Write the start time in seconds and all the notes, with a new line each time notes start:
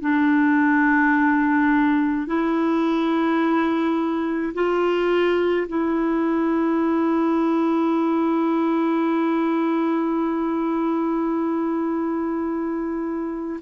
0.00 D4
2.26 E4
4.54 F4
5.68 E4